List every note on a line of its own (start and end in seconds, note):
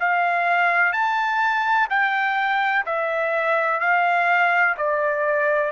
0.00 0.93 F5
0.93 1.88 A5
1.90 2.85 G5
2.86 3.81 E5
3.81 4.76 F5
4.78 5.72 D5